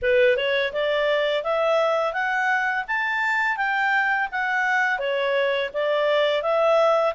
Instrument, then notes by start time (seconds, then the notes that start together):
clarinet
0.02 B4
0.36 C#5
0.72 D5
1.43 E5
2.13 F#5
2.87 A5
3.56 G5
4.31 F#5
4.98 C#5
5.73 D5
6.42 E5